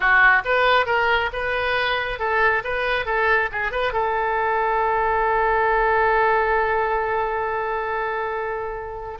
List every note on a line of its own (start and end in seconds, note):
0.00 0.42 F#4
0.45 0.86 B4
0.86 1.29 A#4
1.33 2.19 B4
2.19 2.63 A4
2.64 3.05 B4
3.05 3.49 A4
3.52 3.71 G#4
3.71 3.92 B4
3.92 9.18 A4